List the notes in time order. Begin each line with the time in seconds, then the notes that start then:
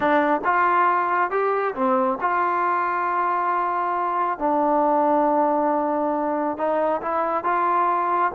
0.00 D4
0.44 F4
1.30 G4
1.74 C4
2.20 F4
4.38 D4
6.57 D#4
7.01 E4
7.44 F4